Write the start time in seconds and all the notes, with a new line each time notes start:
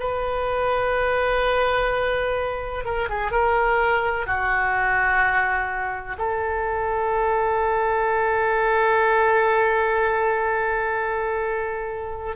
0.00 B4
2.85 A#4
3.10 G#4
3.31 A#4
4.27 F#4
6.18 A4